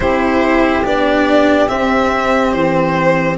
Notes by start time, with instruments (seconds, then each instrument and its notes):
0.00 tuba C4, cello E4, saxophone G4, violin C5
0.84 tuba B3, cello D4, violin D5
1.68 cello C4, tuba C4, violin E5
2.52 tuba E3, violin C5